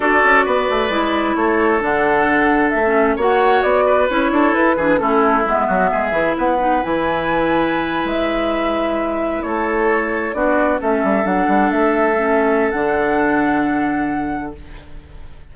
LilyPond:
<<
  \new Staff \with { instrumentName = "flute" } { \time 4/4 \tempo 4 = 132 d''2. cis''4 | fis''2 e''4 fis''4 | d''4 cis''4 b'4 a'4 | e''2 fis''4 gis''4~ |
gis''4.~ gis''16 e''2~ e''16~ | e''8. cis''2 d''4 e''16~ | e''8. fis''4 e''2~ e''16 | fis''1 | }
  \new Staff \with { instrumentName = "oboe" } { \time 4/4 a'4 b'2 a'4~ | a'2. cis''4~ | cis''8 b'4 a'4 gis'8 e'4~ | e'8 fis'8 gis'4 b'2~ |
b'1~ | b'8. a'2 fis'4 a'16~ | a'1~ | a'1 | }
  \new Staff \with { instrumentName = "clarinet" } { \time 4/4 fis'2 e'2 | d'2~ d'16 cis'8. fis'4~ | fis'4 e'4. d'8 cis'4 | b4. e'4 dis'8 e'4~ |
e'1~ | e'2~ e'8. d'4 cis'16~ | cis'8. d'2 cis'4~ cis'16 | d'1 | }
  \new Staff \with { instrumentName = "bassoon" } { \time 4/4 d'8 cis'8 b8 a8 gis4 a4 | d2 a4 ais4 | b4 cis'8 d'8 e'8 e8 a4 | gis8 fis8 gis8 e8 b4 e4~ |
e4.~ e16 gis2~ gis16~ | gis8. a2 b4 a16~ | a16 g8 fis8 g8 a2~ a16 | d1 | }
>>